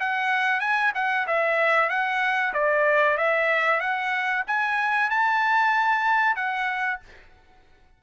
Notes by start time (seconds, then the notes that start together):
0.00 F#5
0.60 G#5
0.95 F#5
1.27 E5
1.89 F#5
2.54 D5
3.17 E5
3.80 F#5
4.47 G#5
5.10 A5
6.36 F#5